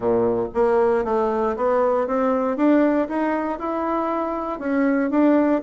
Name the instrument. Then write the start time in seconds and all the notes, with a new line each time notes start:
bassoon
0.00 A#2
0.54 A#3
1.04 A3
1.56 B3
2.07 C4
2.56 D4
3.08 D#4
3.59 E4
4.59 C#4
5.10 D4